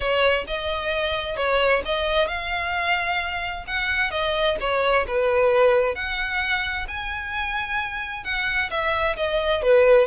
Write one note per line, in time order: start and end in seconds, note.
0.00 0.45 C#5
0.47 1.36 D#5
1.36 1.82 C#5
1.85 2.27 D#5
2.27 3.64 F5
3.67 4.10 F#5
4.10 4.56 D#5
4.60 5.06 C#5
5.07 5.95 B4
5.95 6.86 F#5
6.88 8.24 G#5
8.24 8.69 F#5
8.70 9.16 E5
9.16 9.62 D#5
9.62 10.07 B4